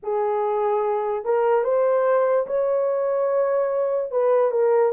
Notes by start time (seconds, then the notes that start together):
0.03 G#4
1.24 A#4
1.64 C5
2.47 C#5
4.11 B4
4.51 A#4